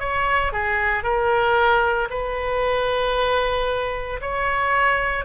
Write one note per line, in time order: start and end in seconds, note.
0.00 0.53 C#5
0.53 1.03 G#4
1.03 2.09 A#4
2.10 4.21 B4
4.22 5.25 C#5